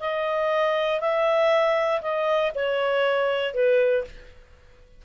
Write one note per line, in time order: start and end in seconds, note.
0.00 1.01 D#5
1.01 2.01 E5
2.02 2.52 D#5
2.55 3.54 C#5
3.54 4.05 B4